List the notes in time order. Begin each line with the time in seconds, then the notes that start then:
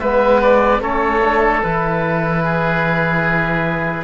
0.00 G#3 B3 B4 E5
0.42 D5
0.81 A3 C#4 A4 C#5
1.23 D4
1.63 E3 E4 B4
2.44 G#4